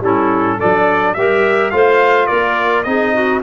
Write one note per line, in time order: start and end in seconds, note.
0.00 0.57 G3
0.00 0.60 C#4
0.00 0.57 E4
0.00 0.60 A4
0.57 1.16 D4
0.57 1.13 A4
0.57 1.14 D5
0.63 1.15 F#3
1.14 1.72 G3
1.14 1.71 G4
1.14 1.73 A#4
1.14 1.70 E5
1.70 2.29 A3
1.70 2.84 F4
1.70 2.28 C5
1.70 2.26 F5
2.26 2.85 A#3
2.26 2.84 A#4
2.26 2.83 D5
2.83 3.42 C4
2.83 3.42 D#4
2.83 3.13 G#4
2.83 3.40 D#5
3.13 3.42 F#4